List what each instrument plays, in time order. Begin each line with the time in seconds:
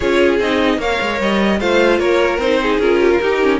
0.00 cello C#4, viola F4, violin G#4 C#5
0.39 cello C4, viola D#4, violin D#5
0.77 cello A#3, viola A#4, violin C#5 F5
1.01 cello G#3
1.20 cello G3, violin D#5
1.59 cello A3, viola F4, violin C5 F5
1.99 cello A#3, violin A#4 C#5
2.38 cello C4, viola D#4, violin C5
2.62 violin G#4
2.78 cello C#4, viola F4, violin A#4
3.00 violin G4
3.10 violin F4
3.21 cello D#4, viola D#4, violin G4
3.41 viola C#4